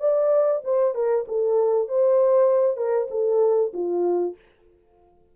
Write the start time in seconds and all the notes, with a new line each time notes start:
0.00 D5
0.64 C5
0.94 A#4
1.28 A4
1.88 C5
2.77 A#4
3.10 A4
3.73 F4